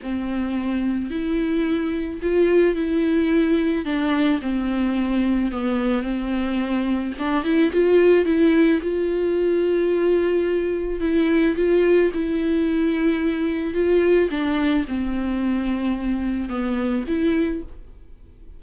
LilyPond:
\new Staff \with { instrumentName = "viola" } { \time 4/4 \tempo 4 = 109 c'2 e'2 | f'4 e'2 d'4 | c'2 b4 c'4~ | c'4 d'8 e'8 f'4 e'4 |
f'1 | e'4 f'4 e'2~ | e'4 f'4 d'4 c'4~ | c'2 b4 e'4 | }